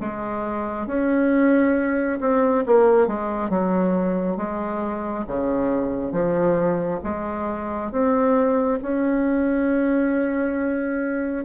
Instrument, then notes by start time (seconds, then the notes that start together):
bassoon
0.00 G#3
0.87 C#4
2.20 C4
2.66 A#3
3.07 G#3
3.49 F#3
4.37 G#3
5.27 C#3
6.12 F3
7.03 G#3
7.91 C4
8.82 C#4